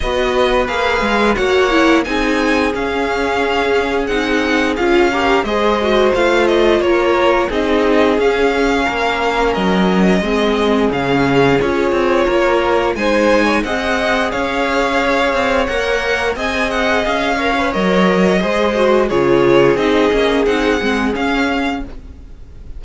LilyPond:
<<
  \new Staff \with { instrumentName = "violin" } { \time 4/4 \tempo 4 = 88 dis''4 f''4 fis''4 gis''4 | f''2 fis''4 f''4 | dis''4 f''8 dis''8 cis''4 dis''4 | f''2 dis''2 |
f''4 cis''2 gis''4 | fis''4 f''2 fis''4 | gis''8 fis''8 f''4 dis''2 | cis''4 dis''4 fis''4 f''4 | }
  \new Staff \with { instrumentName = "violin" } { \time 4/4 b'2 cis''4 gis'4~ | gis'2.~ gis'8 ais'8 | c''2 ais'4 gis'4~ | gis'4 ais'2 gis'4~ |
gis'2 ais'4 c''8. cis''16 | dis''4 cis''2. | dis''4. cis''4. c''4 | gis'1 | }
  \new Staff \with { instrumentName = "viola" } { \time 4/4 fis'4 gis'4 fis'8 e'8 dis'4 | cis'2 dis'4 f'8 g'8 | gis'8 fis'8 f'2 dis'4 | cis'2. c'4 |
cis'4 f'2 dis'4 | gis'2. ais'4 | gis'4. ais'16 b'16 ais'4 gis'8 fis'8 | f'4 dis'8 cis'8 dis'8 c'8 cis'4 | }
  \new Staff \with { instrumentName = "cello" } { \time 4/4 b4 ais8 gis8 ais4 c'4 | cis'2 c'4 cis'4 | gis4 a4 ais4 c'4 | cis'4 ais4 fis4 gis4 |
cis4 cis'8 c'8 ais4 gis4 | c'4 cis'4. c'8 ais4 | c'4 cis'4 fis4 gis4 | cis4 c'8 ais8 c'8 gis8 cis'4 | }
>>